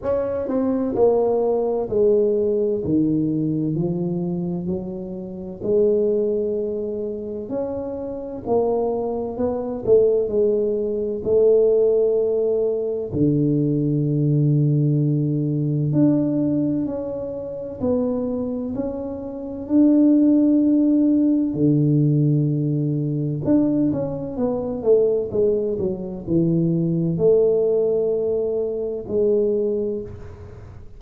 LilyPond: \new Staff \with { instrumentName = "tuba" } { \time 4/4 \tempo 4 = 64 cis'8 c'8 ais4 gis4 dis4 | f4 fis4 gis2 | cis'4 ais4 b8 a8 gis4 | a2 d2~ |
d4 d'4 cis'4 b4 | cis'4 d'2 d4~ | d4 d'8 cis'8 b8 a8 gis8 fis8 | e4 a2 gis4 | }